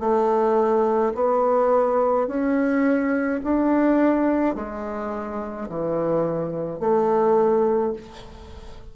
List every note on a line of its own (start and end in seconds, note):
0.00 1.13 A3
1.15 2.28 B3
2.28 3.41 C#4
3.44 4.55 D4
4.55 5.69 G#3
5.69 6.80 E3
6.80 7.93 A3